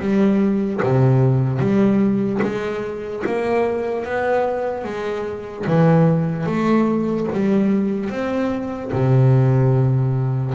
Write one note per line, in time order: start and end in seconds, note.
0.00 0.81 G3
0.83 1.59 C3
1.59 2.40 G3
2.43 3.24 G#3
3.27 4.05 A#3
4.05 4.84 B3
4.84 5.65 G#3
5.67 6.46 E3
6.46 7.27 A3
7.33 8.10 G3
8.10 8.91 C4
8.93 10.55 C3